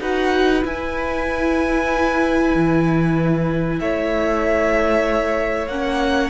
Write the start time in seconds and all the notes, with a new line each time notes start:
0.00 D#4 F#4 B4 F#5
0.62 E4 G#5
2.54 E3
3.79 A3 C#5 E5
5.67 A#3 C#4 F#5